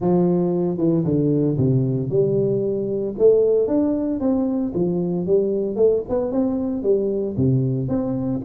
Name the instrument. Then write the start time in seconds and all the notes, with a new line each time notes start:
tuba
0.00 F3
0.77 E3
1.04 D3
1.57 C3
2.09 G3
3.18 A3
3.67 D4
4.19 C4
4.74 F3
5.26 G3
5.76 A3
6.09 B3
6.31 C4
6.83 G3
7.37 C3
7.88 C4